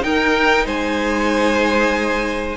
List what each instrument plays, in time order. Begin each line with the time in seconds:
0.00 viola D#4, cello D#4, violin A#4 G5
0.65 cello G#3, violin C5 G#5